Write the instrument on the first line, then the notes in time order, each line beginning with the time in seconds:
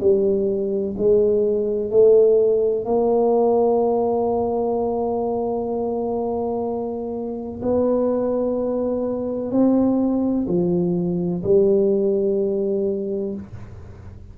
tuba
0.00 G3
0.97 G#3
1.90 A3
2.85 A#3
7.62 B3
9.52 C4
10.48 F3
11.44 G3